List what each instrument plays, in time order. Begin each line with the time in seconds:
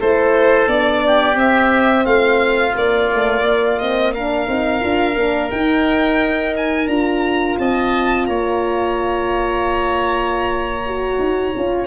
0.00 tuba A3, horn E4, oboe A4, violin C5
0.67 tuba B3, horn D4, violin D5
1.07 oboe G4
1.34 horn C4, tuba C4, violin E5
2.05 tuba A3, oboe F4, violin F5
2.75 tuba A#3, horn A#3, violin D5
3.13 horn A3
3.43 horn A#3
3.79 horn C4, violin D#5
4.14 horn D4, oboe A#4, violin F5
4.48 tuba C4, horn D#4
4.80 tuba D4, horn F4
5.16 tuba A#3, horn D4
5.51 tuba D#4, horn D#4, violin G5
6.57 violin G#5
6.87 tuba D4, horn F4, violin A#5
7.59 tuba C4, oboe D#5, violin A5
8.26 tuba A#3, oboe C#5, violin A#5
10.86 horn F#4
11.19 tuba D#4
11.56 tuba C#4, horn F4